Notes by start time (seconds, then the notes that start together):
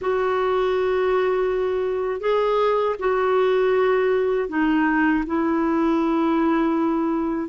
0.01 F#4
2.20 G#4
2.99 F#4
4.49 D#4
5.26 E4